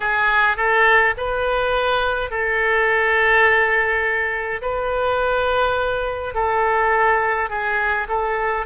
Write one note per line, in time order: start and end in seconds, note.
0.00 0.57 G#4
0.57 1.14 A4
1.17 2.30 B4
2.30 4.61 A4
4.62 6.34 B4
6.34 7.49 A4
7.49 8.07 G#4
8.08 8.65 A4